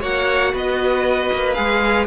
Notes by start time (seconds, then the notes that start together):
0.00 A#3 F#4 C#5 F#5
0.53 B3 B4 D#5
1.33 A#3
1.54 G#3 G#4 F5